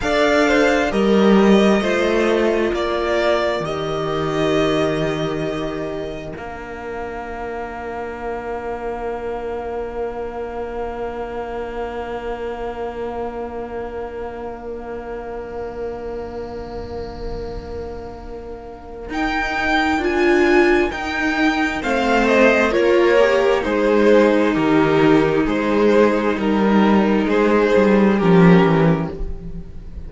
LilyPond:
<<
  \new Staff \with { instrumentName = "violin" } { \time 4/4 \tempo 4 = 66 f''4 dis''2 d''4 | dis''2. f''4~ | f''1~ | f''1~ |
f''1~ | f''4 g''4 gis''4 g''4 | f''8 dis''8 cis''4 c''4 ais'4 | c''4 ais'4 c''4 ais'4 | }
  \new Staff \with { instrumentName = "violin" } { \time 4/4 d''8 c''8 ais'4 c''4 ais'4~ | ais'1~ | ais'1~ | ais'1~ |
ais'1~ | ais'1 | c''4 ais'4 dis'2~ | dis'2 gis'4 g'4 | }
  \new Staff \with { instrumentName = "viola" } { \time 4/4 a'4 g'4 f'2 | g'2. d'4~ | d'1~ | d'1~ |
d'1~ | d'4 dis'4 f'4 dis'4 | c'4 f'8 g'8 gis'4 g'4 | gis'4 dis'2 cis'4 | }
  \new Staff \with { instrumentName = "cello" } { \time 4/4 d'4 g4 a4 ais4 | dis2. ais4~ | ais1~ | ais1~ |
ais1~ | ais4 dis'4 d'4 dis'4 | a4 ais4 gis4 dis4 | gis4 g4 gis8 g8 f8 e8 | }
>>